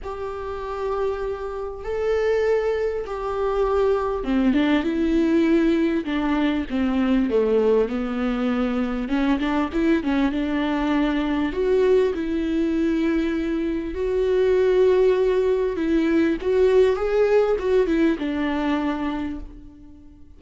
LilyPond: \new Staff \with { instrumentName = "viola" } { \time 4/4 \tempo 4 = 99 g'2. a'4~ | a'4 g'2 c'8 d'8 | e'2 d'4 c'4 | a4 b2 cis'8 d'8 |
e'8 cis'8 d'2 fis'4 | e'2. fis'4~ | fis'2 e'4 fis'4 | gis'4 fis'8 e'8 d'2 | }